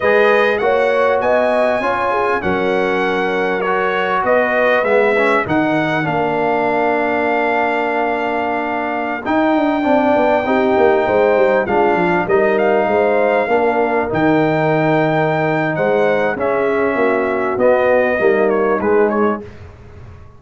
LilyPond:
<<
  \new Staff \with { instrumentName = "trumpet" } { \time 4/4 \tempo 4 = 99 dis''4 fis''4 gis''2 | fis''2 cis''4 dis''4 | e''4 fis''4 f''2~ | f''2.~ f''16 g''8.~ |
g''2.~ g''16 f''8.~ | f''16 dis''8 f''2~ f''8 g''8.~ | g''2 fis''4 e''4~ | e''4 dis''4. cis''8 b'8 cis''8 | }
  \new Staff \with { instrumentName = "horn" } { \time 4/4 b'4 cis''4 dis''4 cis''8 gis'8 | ais'2. b'4~ | b'4 ais'2.~ | ais'1~ |
ais'16 d''4 g'4 c''4 f'8.~ | f'16 ais'4 c''4 ais'4.~ ais'16~ | ais'2 c''4 gis'4 | fis'2 dis'2 | }
  \new Staff \with { instrumentName = "trombone" } { \time 4/4 gis'4 fis'2 f'4 | cis'2 fis'2 | b8 cis'8 dis'4 d'2~ | d'2.~ d'16 dis'8.~ |
dis'16 d'4 dis'2 d'8.~ | d'16 dis'2 d'4 dis'8.~ | dis'2. cis'4~ | cis'4 b4 ais4 gis4 | }
  \new Staff \with { instrumentName = "tuba" } { \time 4/4 gis4 ais4 b4 cis'4 | fis2. b4 | gis4 dis4 ais2~ | ais2.~ ais16 dis'8 d'16~ |
d'16 c'8 b8 c'8 ais8 gis8 g8 gis8 f16~ | f16 g4 gis4 ais4 dis8.~ | dis2 gis4 cis'4 | ais4 b4 g4 gis4 | }
>>